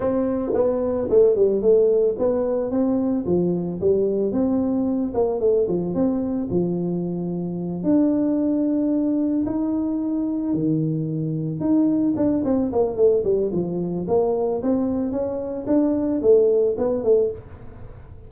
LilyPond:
\new Staff \with { instrumentName = "tuba" } { \time 4/4 \tempo 4 = 111 c'4 b4 a8 g8 a4 | b4 c'4 f4 g4 | c'4. ais8 a8 f8 c'4 | f2~ f8 d'4.~ |
d'4. dis'2 dis8~ | dis4. dis'4 d'8 c'8 ais8 | a8 g8 f4 ais4 c'4 | cis'4 d'4 a4 b8 a8 | }